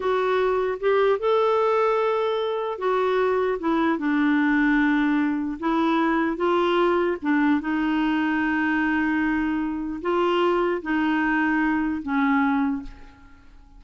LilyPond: \new Staff \with { instrumentName = "clarinet" } { \time 4/4 \tempo 4 = 150 fis'2 g'4 a'4~ | a'2. fis'4~ | fis'4 e'4 d'2~ | d'2 e'2 |
f'2 d'4 dis'4~ | dis'1~ | dis'4 f'2 dis'4~ | dis'2 cis'2 | }